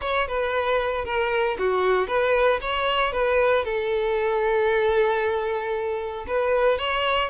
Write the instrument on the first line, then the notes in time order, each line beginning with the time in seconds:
violin
0.01 C#5
0.27 B4
1.05 A#4
1.58 F#4
2.07 B4
2.61 C#5
3.12 B4
3.64 A4
6.27 B4
6.78 C#5